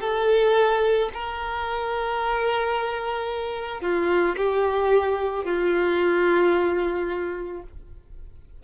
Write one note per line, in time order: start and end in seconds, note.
0.00 1.09 A4
1.14 3.81 A#4
3.81 4.35 F4
4.36 5.44 G4
5.44 7.63 F4